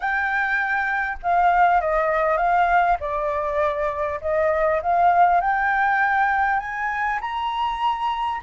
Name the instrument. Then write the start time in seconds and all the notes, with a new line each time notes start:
flute
0.00 G5
1.22 F5
1.80 D#5
2.37 F5
3.00 D5
4.21 D#5
4.82 F5
5.41 G5
6.59 G#5
7.20 A#5